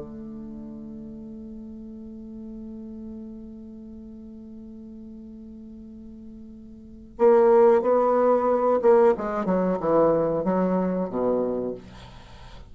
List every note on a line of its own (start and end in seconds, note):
0.00 7.17 A3
7.19 7.82 A#3
7.82 8.80 B3
8.82 9.15 A#3
9.18 9.46 G#3
9.46 9.79 F#3
9.80 10.45 E3
10.45 11.10 F#3
11.10 11.75 B2